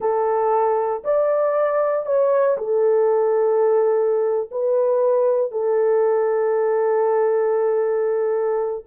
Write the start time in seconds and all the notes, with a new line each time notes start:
0.00 A4
1.03 D5
2.05 C#5
2.57 A4
4.51 B4
5.51 A4